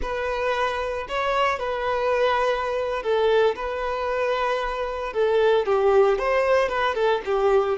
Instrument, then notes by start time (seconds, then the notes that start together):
violin
0.01 B4
1.08 C#5
1.59 B4
3.02 A4
3.55 B4
5.13 A4
5.66 G4
6.18 C5
6.68 B4
6.94 A4
7.25 G4